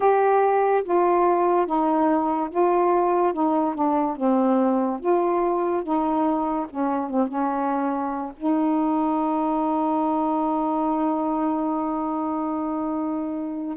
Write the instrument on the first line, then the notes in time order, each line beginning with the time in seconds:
saxophone
0.00 G4
0.83 F4
1.66 D#4
2.50 F4
3.33 D#4
3.75 D4
4.16 C4
5.00 F4
5.83 D#4
6.69 C#4
7.09 C4
7.28 C#4
8.36 D#4